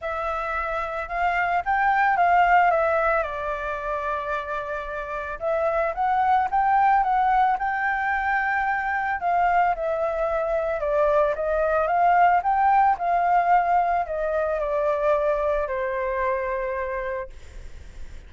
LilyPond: \new Staff \with { instrumentName = "flute" } { \time 4/4 \tempo 4 = 111 e''2 f''4 g''4 | f''4 e''4 d''2~ | d''2 e''4 fis''4 | g''4 fis''4 g''2~ |
g''4 f''4 e''2 | d''4 dis''4 f''4 g''4 | f''2 dis''4 d''4~ | d''4 c''2. | }